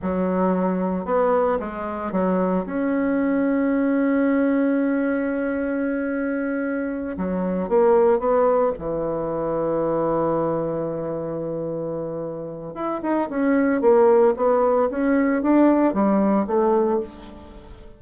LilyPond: \new Staff \with { instrumentName = "bassoon" } { \time 4/4 \tempo 4 = 113 fis2 b4 gis4 | fis4 cis'2.~ | cis'1~ | cis'4. fis4 ais4 b8~ |
b8 e2.~ e8~ | e1 | e'8 dis'8 cis'4 ais4 b4 | cis'4 d'4 g4 a4 | }